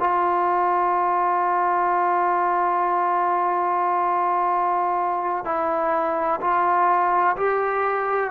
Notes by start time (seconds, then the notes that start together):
0.00 F4
5.45 E4
6.41 F4
7.37 G4